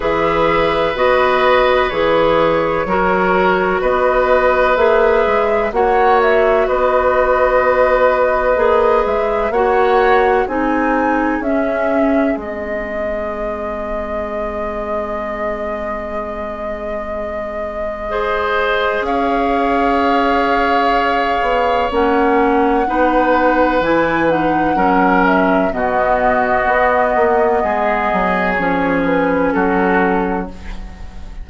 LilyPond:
<<
  \new Staff \with { instrumentName = "flute" } { \time 4/4 \tempo 4 = 63 e''4 dis''4 cis''2 | dis''4 e''4 fis''8 e''8 dis''4~ | dis''4. e''8 fis''4 gis''4 | e''4 dis''2.~ |
dis''1 | f''2. fis''4~ | fis''4 gis''8 fis''4 e''8 dis''4~ | dis''2 cis''8 b'8 a'4 | }
  \new Staff \with { instrumentName = "oboe" } { \time 4/4 b'2. ais'4 | b'2 cis''4 b'4~ | b'2 cis''4 gis'4~ | gis'1~ |
gis'2. c''4 | cis''1 | b'2 ais'4 fis'4~ | fis'4 gis'2 fis'4 | }
  \new Staff \with { instrumentName = "clarinet" } { \time 4/4 gis'4 fis'4 gis'4 fis'4~ | fis'4 gis'4 fis'2~ | fis'4 gis'4 fis'4 dis'4 | cis'4 c'2.~ |
c'2. gis'4~ | gis'2. cis'4 | dis'4 e'8 dis'8 cis'4 b4~ | b2 cis'2 | }
  \new Staff \with { instrumentName = "bassoon" } { \time 4/4 e4 b4 e4 fis4 | b4 ais8 gis8 ais4 b4~ | b4 ais8 gis8 ais4 c'4 | cis'4 gis2.~ |
gis1 | cis'2~ cis'8 b8 ais4 | b4 e4 fis4 b,4 | b8 ais8 gis8 fis8 f4 fis4 | }
>>